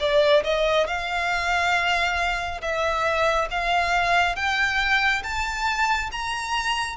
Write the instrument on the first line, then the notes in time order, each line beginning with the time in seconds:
violin
0.00 D5
0.44 D#5
0.87 F5
2.62 E5
3.51 F5
4.36 G5
5.23 A5
6.12 A#5